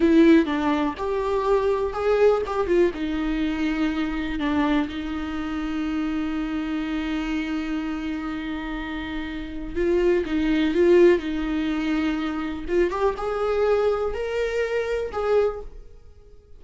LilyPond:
\new Staff \with { instrumentName = "viola" } { \time 4/4 \tempo 4 = 123 e'4 d'4 g'2 | gis'4 g'8 f'8 dis'2~ | dis'4 d'4 dis'2~ | dis'1~ |
dis'1 | f'4 dis'4 f'4 dis'4~ | dis'2 f'8 g'8 gis'4~ | gis'4 ais'2 gis'4 | }